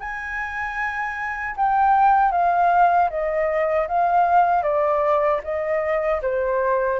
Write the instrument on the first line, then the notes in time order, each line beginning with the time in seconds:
flute
0.00 G#5
1.57 G5
2.32 F5
3.10 D#5
3.88 F5
4.63 D5
5.44 D#5
6.22 C5